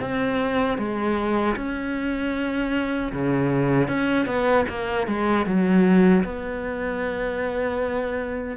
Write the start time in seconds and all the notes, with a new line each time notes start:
0.00 C4
0.78 G#3
1.56 C#4
3.12 C#3
3.88 C#4
4.26 B3
4.69 A#3
5.07 G#3
5.45 F#3
6.24 B3